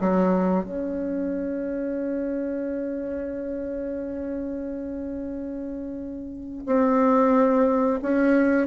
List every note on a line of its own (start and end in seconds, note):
0.00 0.64 F#3
0.64 6.64 C#4
6.66 7.99 C4
8.02 8.67 C#4